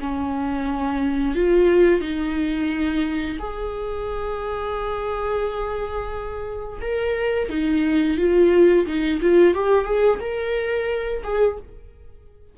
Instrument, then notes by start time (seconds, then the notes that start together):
viola
0.00 C#4
1.35 F4
2.01 D#4
3.39 G#4
6.81 A#4
7.49 D#4
8.18 F4
8.86 D#4
9.21 F4
9.54 G4
9.85 G#4
10.20 A#4
11.24 G#4